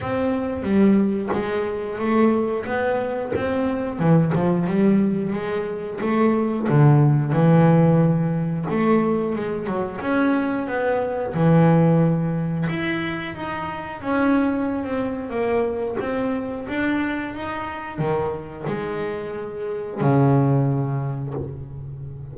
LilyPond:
\new Staff \with { instrumentName = "double bass" } { \time 4/4 \tempo 4 = 90 c'4 g4 gis4 a4 | b4 c'4 e8 f8 g4 | gis4 a4 d4 e4~ | e4 a4 gis8 fis8 cis'4 |
b4 e2 e'4 | dis'4 cis'4~ cis'16 c'8. ais4 | c'4 d'4 dis'4 dis4 | gis2 cis2 | }